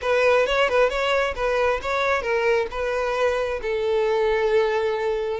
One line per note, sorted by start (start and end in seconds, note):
0.01 0.46 B4
0.46 0.68 C#5
0.68 0.89 B4
0.89 1.34 C#5
1.35 1.80 B4
1.82 2.22 C#5
2.22 2.66 A#4
2.70 3.60 B4
3.62 5.40 A4